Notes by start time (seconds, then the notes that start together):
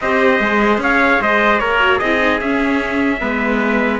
0.00 C4 G4 C5 D#5
0.39 G#3 G#4
0.78 C#4 C#5 F5
1.21 G#3 C5 D#5
1.59 A#3 A#4 C#5
1.79 F#4
1.98 C4 G#4 D#5
2.04 E4
2.19 D#4
2.40 C#4 E5
3.20 G#3 B3 B4